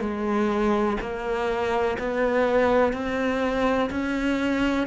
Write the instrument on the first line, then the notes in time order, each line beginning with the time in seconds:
cello
0.00 G#3
1.00 A#3
1.98 B3
2.93 C4
3.90 C#4